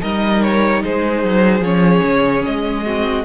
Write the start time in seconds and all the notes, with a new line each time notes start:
0.00 G3 D#4 A#4 D#5
0.42 C#5
0.83 G#3 G#4 C5
1.24 F#3
1.60 F3 C#4 C#5
2.03 C#3
2.45 G#3 D#5
2.85 C4 F#4